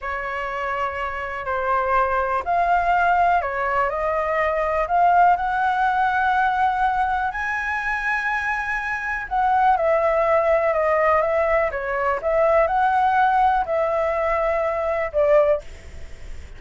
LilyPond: \new Staff \with { instrumentName = "flute" } { \time 4/4 \tempo 4 = 123 cis''2. c''4~ | c''4 f''2 cis''4 | dis''2 f''4 fis''4~ | fis''2. gis''4~ |
gis''2. fis''4 | e''2 dis''4 e''4 | cis''4 e''4 fis''2 | e''2. d''4 | }